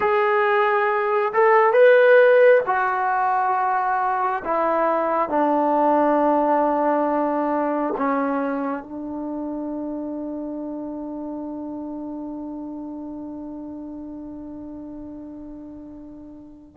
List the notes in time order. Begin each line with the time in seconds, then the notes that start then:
0.00 G#4
1.33 A4
1.72 B4
2.66 F#4
4.44 E4
5.29 D4
7.97 C#4
8.83 D4